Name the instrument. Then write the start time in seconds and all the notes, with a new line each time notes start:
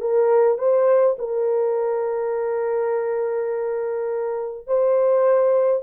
horn
0.00 A#4
0.58 C5
1.18 A#4
4.67 C5